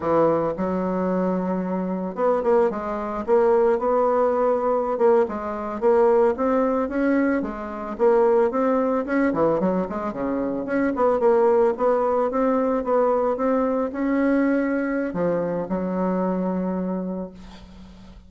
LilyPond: \new Staff \with { instrumentName = "bassoon" } { \time 4/4 \tempo 4 = 111 e4 fis2. | b8 ais8 gis4 ais4 b4~ | b4~ b16 ais8 gis4 ais4 c'16~ | c'8. cis'4 gis4 ais4 c'16~ |
c'8. cis'8 e8 fis8 gis8 cis4 cis'16~ | cis'16 b8 ais4 b4 c'4 b16~ | b8. c'4 cis'2~ cis'16 | f4 fis2. | }